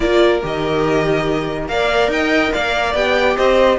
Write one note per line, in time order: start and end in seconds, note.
0.00 0.42 A#3
0.00 0.41 F4
0.00 1.70 A#4
0.00 0.42 D5
0.42 1.68 D#3
0.42 1.68 G4
0.42 1.67 D#5
1.67 2.08 A#3
1.67 2.95 A#4
1.67 2.13 D5
1.67 2.10 F5
2.08 2.50 D#4
2.08 2.53 D#5
2.08 2.52 G5
2.52 2.94 A#3
2.52 3.36 D5
2.52 2.94 F5
2.94 3.36 B3
2.94 3.79 G4
2.94 3.36 G5
3.36 3.79 C4
3.36 3.78 C5
3.36 3.79 D#5